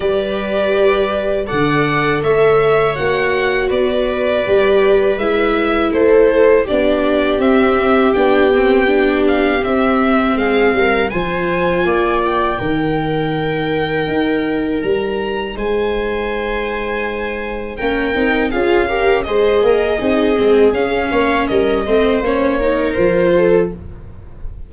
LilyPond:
<<
  \new Staff \with { instrumentName = "violin" } { \time 4/4 \tempo 4 = 81 d''2 fis''4 e''4 | fis''4 d''2 e''4 | c''4 d''4 e''4 g''4~ | g''8 f''8 e''4 f''4 gis''4~ |
gis''8 g''2.~ g''8 | ais''4 gis''2. | g''4 f''4 dis''2 | f''4 dis''4 cis''4 c''4 | }
  \new Staff \with { instrumentName = "viola" } { \time 4/4 b'2 d''4 cis''4~ | cis''4 b'2. | a'4 g'2.~ | g'2 gis'8 ais'8 c''4 |
d''4 ais'2.~ | ais'4 c''2. | ais'4 gis'8 ais'8 c''8 ais'8 gis'4~ | gis'8 cis''8 ais'8 c''4 ais'4 a'8 | }
  \new Staff \with { instrumentName = "viola" } { \time 4/4 g'2 a'2 | fis'2 g'4 e'4~ | e'4 d'4 c'4 d'8 c'8 | d'4 c'2 f'4~ |
f'4 dis'2.~ | dis'1 | cis'8 dis'8 f'8 g'8 gis'4 dis'8 c'8 | cis'4. c'8 cis'8 dis'8 f'4 | }
  \new Staff \with { instrumentName = "tuba" } { \time 4/4 g2 d4 a4 | ais4 b4 g4 gis4 | a4 b4 c'4 b4~ | b4 c'4 gis8 g8 f4 |
ais4 dis2 dis'4 | g4 gis2. | ais8 c'8 cis'4 gis8 ais8 c'8 gis8 | cis'8 ais8 g8 a8 ais4 f4 | }
>>